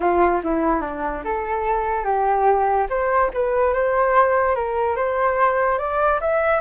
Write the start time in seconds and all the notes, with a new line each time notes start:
0.00 F4
0.43 E4
0.81 D4
1.24 A4
2.04 G4
2.89 C5
3.33 B4
3.73 C5
4.55 A#4
4.96 C5
5.78 D5
6.21 E5